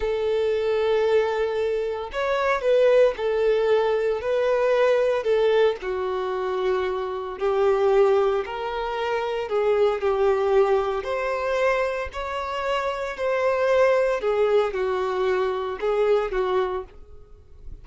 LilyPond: \new Staff \with { instrumentName = "violin" } { \time 4/4 \tempo 4 = 114 a'1 | cis''4 b'4 a'2 | b'2 a'4 fis'4~ | fis'2 g'2 |
ais'2 gis'4 g'4~ | g'4 c''2 cis''4~ | cis''4 c''2 gis'4 | fis'2 gis'4 fis'4 | }